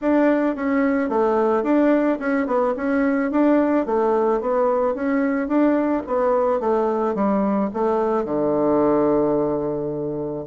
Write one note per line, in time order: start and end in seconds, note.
0.01 0.55 D4
0.55 1.09 C#4
1.09 1.63 A3
1.63 2.18 D4
2.19 2.46 C#4
2.46 2.74 B3
2.76 3.31 C#4
3.31 3.86 D4
3.86 4.40 A3
4.40 4.94 B3
4.94 5.47 C#4
5.47 6.03 D4
6.06 6.60 B3
6.60 7.15 A3
7.15 7.70 G3
7.73 8.24 A3
8.24 10.45 D3